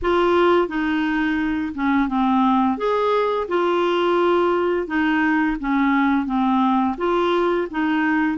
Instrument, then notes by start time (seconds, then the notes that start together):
clarinet
0.02 F4
0.68 D#4
1.74 C#4
2.08 C4
2.77 G#4
3.48 F4
4.87 D#4
5.59 C#4
6.26 C4
6.97 F4
7.71 D#4